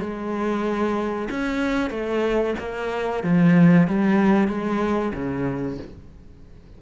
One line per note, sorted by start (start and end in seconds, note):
0.00 1.29 G#3
1.31 1.91 C#4
1.91 2.55 A3
2.60 3.24 A#3
3.24 3.88 F3
3.88 4.48 G3
4.48 5.13 G#3
5.14 5.79 C#3